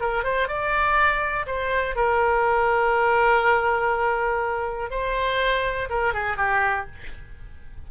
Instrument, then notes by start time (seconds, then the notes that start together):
oboe
0.00 A#4
0.23 C5
0.47 D5
1.46 C5
1.95 A#4
4.90 C5
5.89 A#4
6.13 G#4
6.36 G4